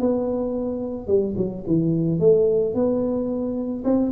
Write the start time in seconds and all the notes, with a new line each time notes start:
0.00 B3
1.08 G3
1.37 F#3
1.67 E3
2.20 A3
2.75 B3
3.85 C4